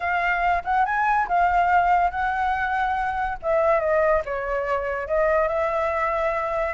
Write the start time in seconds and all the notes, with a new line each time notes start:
0.00 F5
0.64 F#5
0.85 G#5
1.28 F5
2.10 F#5
3.42 E5
3.80 D#5
4.25 C#5
5.07 D#5
5.48 E5